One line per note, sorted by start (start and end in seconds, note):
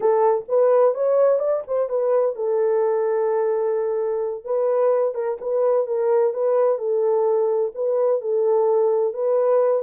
0.00 0.44 A4
0.48 0.94 B4
0.94 1.39 C#5
1.39 1.62 D5
1.67 1.89 C5
1.89 2.35 B4
2.35 4.44 A4
4.44 5.14 B4
5.14 5.37 A#4
5.40 5.86 B4
5.86 6.33 A#4
6.33 6.78 B4
6.78 7.72 A4
7.74 8.21 B4
8.21 9.13 A4
9.13 9.82 B4